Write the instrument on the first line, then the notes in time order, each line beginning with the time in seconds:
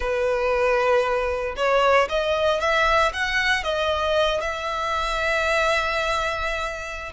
violin
0.00 B4
1.56 C#5
2.09 D#5
2.60 E5
3.13 F#5
3.63 D#5
4.40 E5